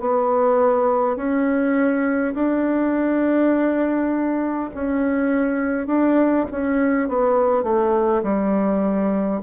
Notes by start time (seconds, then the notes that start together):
0.00 B3
1.16 C#4
2.34 D4
4.74 C#4
5.86 D4
6.51 C#4
7.08 B3
7.63 A3
8.23 G3